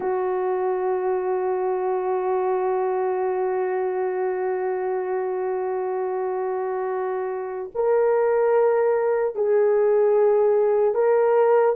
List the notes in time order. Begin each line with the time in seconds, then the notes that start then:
0.00 F#4
7.74 A#4
9.35 G#4
10.94 A#4